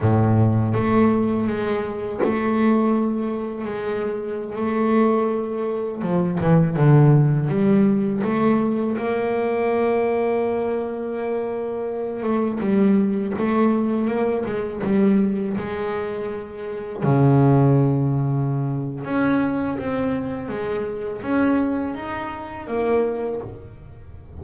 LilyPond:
\new Staff \with { instrumentName = "double bass" } { \time 4/4 \tempo 4 = 82 a,4 a4 gis4 a4~ | a4 gis4~ gis16 a4.~ a16~ | a16 f8 e8 d4 g4 a8.~ | a16 ais2.~ ais8.~ |
ais8. a8 g4 a4 ais8 gis16~ | gis16 g4 gis2 cis8.~ | cis2 cis'4 c'4 | gis4 cis'4 dis'4 ais4 | }